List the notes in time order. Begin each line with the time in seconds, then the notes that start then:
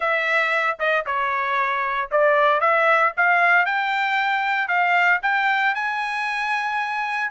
0.00 E5
0.79 D#5
1.06 C#5
2.11 D5
2.60 E5
3.16 F5
3.65 G5
4.67 F5
5.22 G5
5.74 G#5